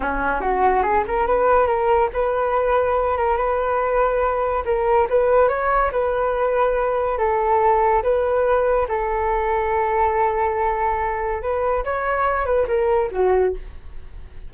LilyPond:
\new Staff \with { instrumentName = "flute" } { \time 4/4 \tempo 4 = 142 cis'4 fis'4 gis'8 ais'8 b'4 | ais'4 b'2~ b'8 ais'8 | b'2. ais'4 | b'4 cis''4 b'2~ |
b'4 a'2 b'4~ | b'4 a'2.~ | a'2. b'4 | cis''4. b'8 ais'4 fis'4 | }